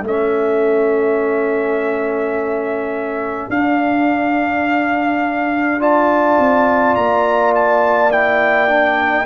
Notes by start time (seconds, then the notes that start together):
0.00 A3 C#4 A4
0.07 E5
3.49 D4 F5
5.80 F4 D5 A5
6.38 C4
6.95 A#3 A#5
7.55 A5
8.11 E4 G5
8.68 D4